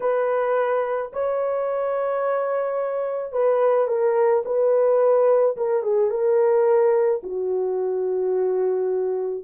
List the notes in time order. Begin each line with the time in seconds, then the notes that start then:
0.00 B4
1.13 C#5
3.32 B4
3.87 A#4
4.45 B4
5.57 A#4
5.82 G#4
6.10 A#4
7.23 F#4